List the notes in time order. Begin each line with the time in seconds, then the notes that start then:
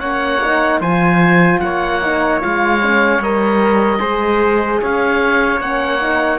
0.00 A#3 C#4 C#5 F#5
0.43 D#4
0.81 F3 F4 C5 G#5
1.60 A#3 C#5 F#5
2.02 D#4
2.41 G#3 F4 F5
2.82 C#4
3.19 G3 A#4 D#5
3.99 G#3 G#4 C5
4.82 C#4 C#5 F5
5.60 A#3 C#4 F#5
5.99 D#4